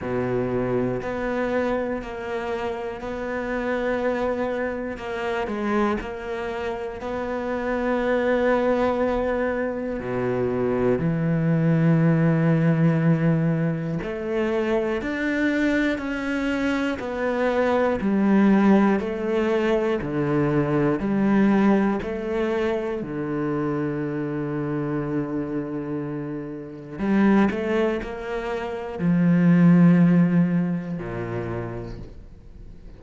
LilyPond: \new Staff \with { instrumentName = "cello" } { \time 4/4 \tempo 4 = 60 b,4 b4 ais4 b4~ | b4 ais8 gis8 ais4 b4~ | b2 b,4 e4~ | e2 a4 d'4 |
cis'4 b4 g4 a4 | d4 g4 a4 d4~ | d2. g8 a8 | ais4 f2 ais,4 | }